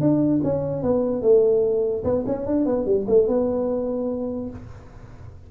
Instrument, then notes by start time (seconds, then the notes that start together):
tuba
0.00 D4
0.43 C#4
0.82 B3
1.22 A3
2.04 B3
2.26 C#4
2.46 D4
2.65 B3
2.85 G3
3.08 A3
3.27 B3